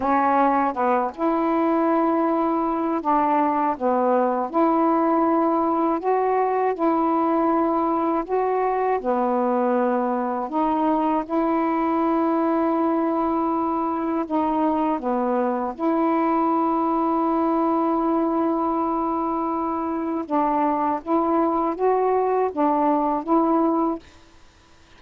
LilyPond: \new Staff \with { instrumentName = "saxophone" } { \time 4/4 \tempo 4 = 80 cis'4 b8 e'2~ e'8 | d'4 b4 e'2 | fis'4 e'2 fis'4 | b2 dis'4 e'4~ |
e'2. dis'4 | b4 e'2.~ | e'2. d'4 | e'4 fis'4 d'4 e'4 | }